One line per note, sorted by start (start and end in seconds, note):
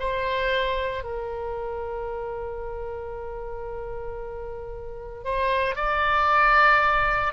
0.00 1.04 C5
1.04 5.25 A#4
5.25 5.76 C5
5.76 7.33 D5